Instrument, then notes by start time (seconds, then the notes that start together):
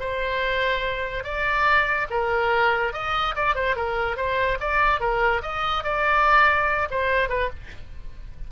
oboe
0.00 C5
1.24 D5
2.10 A#4
2.93 D#5
3.35 D5
3.55 C5
3.76 A#4
4.17 C5
4.60 D5
5.00 A#4
5.43 D#5
5.84 D5
6.91 C5
7.29 B4